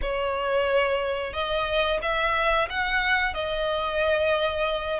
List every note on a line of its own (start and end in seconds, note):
0.02 1.33 C#5
1.33 2.00 D#5
2.02 2.68 E5
2.69 3.33 F#5
3.33 4.99 D#5